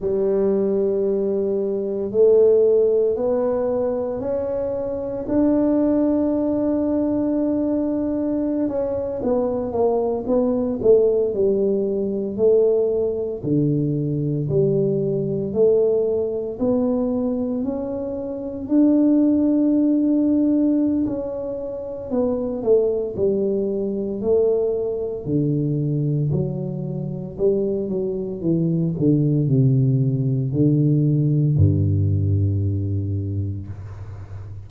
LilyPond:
\new Staff \with { instrumentName = "tuba" } { \time 4/4 \tempo 4 = 57 g2 a4 b4 | cis'4 d'2.~ | d'16 cis'8 b8 ais8 b8 a8 g4 a16~ | a8. d4 g4 a4 b16~ |
b8. cis'4 d'2~ d'16 | cis'4 b8 a8 g4 a4 | d4 fis4 g8 fis8 e8 d8 | c4 d4 g,2 | }